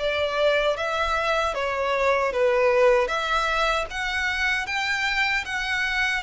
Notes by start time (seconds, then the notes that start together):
0.00 D5
0.77 E5
1.55 C#5
2.33 B4
3.08 E5
3.91 F#5
4.67 G5
5.45 F#5